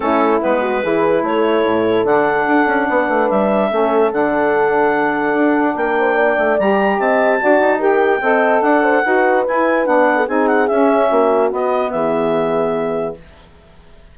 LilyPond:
<<
  \new Staff \with { instrumentName = "clarinet" } { \time 4/4 \tempo 4 = 146 a'4 b'2 cis''4~ | cis''4 fis''2. | e''2 fis''2~ | fis''2 g''2 |
ais''4 a''2 g''4~ | g''4 fis''2 gis''4 | fis''4 gis''8 fis''8 e''2 | dis''4 e''2. | }
  \new Staff \with { instrumentName = "horn" } { \time 4/4 e'4. fis'8 gis'4 a'4~ | a'2. b'4~ | b'4 a'2.~ | a'2 ais'8 c''8 d''4~ |
d''4 dis''4 d''4 ais'4 | dis''4 d''8 c''8 b'2~ | b'8. a'16 gis'2 fis'4~ | fis'4 gis'2. | }
  \new Staff \with { instrumentName = "saxophone" } { \time 4/4 cis'4 b4 e'2~ | e'4 d'2.~ | d'4 cis'4 d'2~ | d'1 |
g'2 fis'4 g'4 | a'2 fis'4 e'4 | d'4 dis'4 cis'2 | b1 | }
  \new Staff \with { instrumentName = "bassoon" } { \time 4/4 a4 gis4 e4 a4 | a,4 d4 d'8 cis'8 b8 a8 | g4 a4 d2~ | d4 d'4 ais4. a8 |
g4 c'4 d'8 dis'4. | c'4 d'4 dis'4 e'4 | b4 c'4 cis'4 ais4 | b4 e2. | }
>>